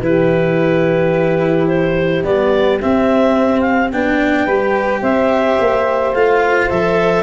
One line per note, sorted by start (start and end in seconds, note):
0.00 2.22 E3
0.00 2.24 E4
0.00 4.44 G4
0.00 1.67 B4
1.67 2.23 C5
2.24 2.79 G3
2.24 2.79 B3
2.24 2.79 D5
2.81 3.92 C4
2.81 3.93 C4
2.81 3.61 E5
3.61 3.88 F5
3.92 4.47 B3
3.92 4.47 D4
3.92 5.03 G5
4.44 5.02 G3
4.44 6.14 G4
4.44 5.00 B4
5.01 5.57 C4
5.01 7.23 C5
5.01 6.14 E5
5.59 6.14 A#3
6.14 6.70 A3
6.14 6.70 F4
6.14 6.69 F5
6.69 7.23 F3
6.69 7.23 A4
6.69 7.23 E5